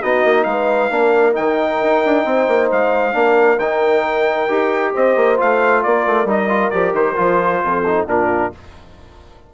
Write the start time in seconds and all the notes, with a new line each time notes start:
0.00 B3 D#4 F#4 D#5
0.24 A#3
0.44 G#3 B4 F5
0.90 A#3 D4 A#4
1.33 D#3 D#4 G5
1.82 D#4
2.05 D4
2.25 C4 C5
2.47 A#3
2.71 G#3 F5
3.12 A#3 D4 A#4
3.58 D#3 D#4 G5
4.48 D#4 G4
4.92 C4 C5 D#5
5.16 A#3
5.37 A3 F4 F5
5.83 A#3 A#4 D5
6.06 A3
6.24 G3 D#4 D#5
6.49 F4
6.70 F3 G4 D5
6.92 D#3 C5
7.16 F3 F4
7.63 F2 A4
7.86 D#4
8.06 A#2 D4 F4 A#4